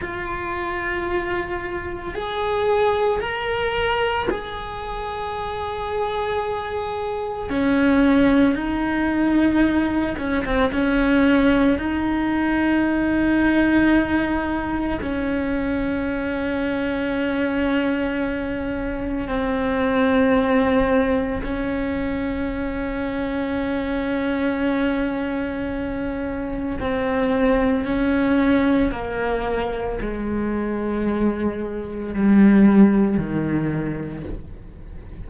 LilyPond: \new Staff \with { instrumentName = "cello" } { \time 4/4 \tempo 4 = 56 f'2 gis'4 ais'4 | gis'2. cis'4 | dis'4. cis'16 c'16 cis'4 dis'4~ | dis'2 cis'2~ |
cis'2 c'2 | cis'1~ | cis'4 c'4 cis'4 ais4 | gis2 g4 dis4 | }